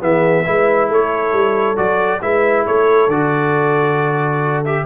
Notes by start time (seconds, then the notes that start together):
0.00 E3 B3 G#4 E5
0.44 G#3 E4 B4
0.88 A3 A4 C#5
1.32 G3
1.76 F#3 F#4 D5
2.21 G#3 E4 B4 E5
2.65 A3 A4 C#5
3.07 D3 F#4 D5
4.64 G4 E5